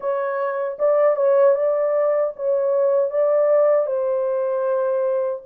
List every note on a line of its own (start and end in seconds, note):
0.00 0.77 C#5
0.78 1.16 D5
1.16 1.55 C#5
1.55 2.33 D5
2.36 3.10 C#5
3.10 3.86 D5
3.86 5.42 C5